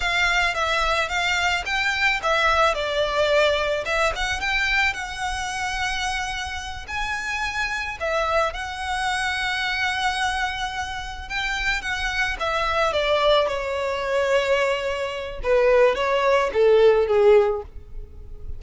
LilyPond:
\new Staff \with { instrumentName = "violin" } { \time 4/4 \tempo 4 = 109 f''4 e''4 f''4 g''4 | e''4 d''2 e''8 fis''8 | g''4 fis''2.~ | fis''8 gis''2 e''4 fis''8~ |
fis''1~ | fis''8 g''4 fis''4 e''4 d''8~ | d''8 cis''2.~ cis''8 | b'4 cis''4 a'4 gis'4 | }